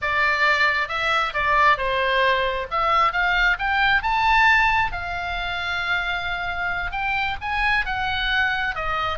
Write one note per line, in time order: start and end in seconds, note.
0.01 0.88 D5
0.88 1.33 E5
1.33 1.77 D5
1.77 2.67 C5
2.70 3.12 E5
3.12 3.57 F5
3.58 4.02 G5
4.02 4.92 A5
4.92 6.91 F5
6.91 7.36 G5
7.41 7.85 G#5
7.85 8.75 F#5
8.75 9.18 D#5